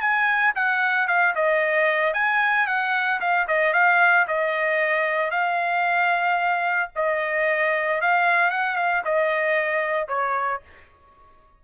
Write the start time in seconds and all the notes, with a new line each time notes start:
0.00 G#5
0.55 F#5
1.07 F5
1.35 D#5
2.13 G#5
2.66 F#5
3.20 F5
3.47 D#5
3.73 F5
4.27 D#5
5.30 F5
6.95 D#5
8.01 F5
8.50 F#5
8.76 F5
9.04 D#5
10.08 C#5